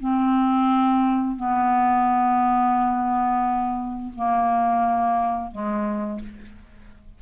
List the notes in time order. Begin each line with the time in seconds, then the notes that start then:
0.00 C4
1.37 B3
4.15 A#3
5.51 G#3